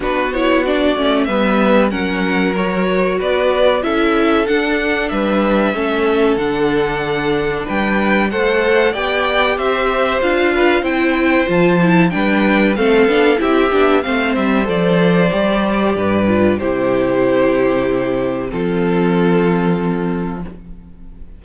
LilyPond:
<<
  \new Staff \with { instrumentName = "violin" } { \time 4/4 \tempo 4 = 94 b'8 cis''8 d''4 e''4 fis''4 | cis''4 d''4 e''4 fis''4 | e''2 fis''2 | g''4 fis''4 g''4 e''4 |
f''4 g''4 a''4 g''4 | f''4 e''4 f''8 e''8 d''4~ | d''2 c''2~ | c''4 a'2. | }
  \new Staff \with { instrumentName = "violin" } { \time 4/4 fis'2 b'4 ais'4~ | ais'4 b'4 a'2 | b'4 a'2. | b'4 c''4 d''4 c''4~ |
c''8 b'8 c''2 b'4 | a'4 g'4 c''2~ | c''4 b'4 g'2~ | g'4 f'2. | }
  \new Staff \with { instrumentName = "viola" } { \time 4/4 d'8 e'8 d'8 cis'8 b4 cis'4 | fis'2 e'4 d'4~ | d'4 cis'4 d'2~ | d'4 a'4 g'2 |
f'4 e'4 f'8 e'8 d'4 | c'8 d'8 e'8 d'8 c'4 a'4 | g'4. f'8 e'2~ | e'4 c'2. | }
  \new Staff \with { instrumentName = "cello" } { \time 4/4 b4. a8 g4 fis4~ | fis4 b4 cis'4 d'4 | g4 a4 d2 | g4 a4 b4 c'4 |
d'4 c'4 f4 g4 | a8 b8 c'8 b8 a8 g8 f4 | g4 g,4 c2~ | c4 f2. | }
>>